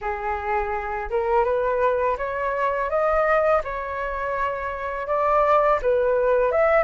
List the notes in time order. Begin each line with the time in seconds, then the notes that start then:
0.01 G#4
1.09 A#4
1.44 B4
2.17 C#5
2.89 D#5
3.63 C#5
5.07 D5
5.82 B4
6.51 E5